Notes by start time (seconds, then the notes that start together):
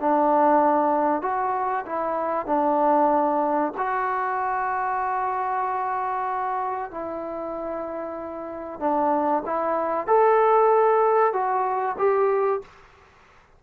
0.00 D4
1.22 F#4
1.86 E4
2.47 D4
3.78 F#4
6.91 E4
8.80 D4
9.46 E4
10.07 A4
11.33 F#4
11.99 G4